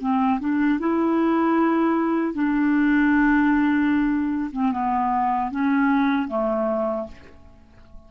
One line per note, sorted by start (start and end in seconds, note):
0.00 0.39 C4
0.40 0.79 D4
0.79 2.34 E4
2.34 4.51 D4
4.52 4.72 C4
4.72 5.51 B3
5.51 6.28 C#4
6.28 7.07 A3